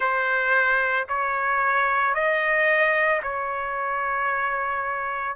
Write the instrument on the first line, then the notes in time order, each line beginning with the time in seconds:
trumpet
0.00 C5
1.08 C#5
2.14 D#5
3.22 C#5